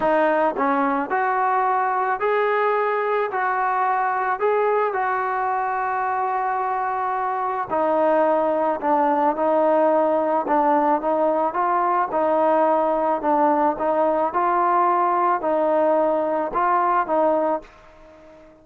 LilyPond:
\new Staff \with { instrumentName = "trombone" } { \time 4/4 \tempo 4 = 109 dis'4 cis'4 fis'2 | gis'2 fis'2 | gis'4 fis'2.~ | fis'2 dis'2 |
d'4 dis'2 d'4 | dis'4 f'4 dis'2 | d'4 dis'4 f'2 | dis'2 f'4 dis'4 | }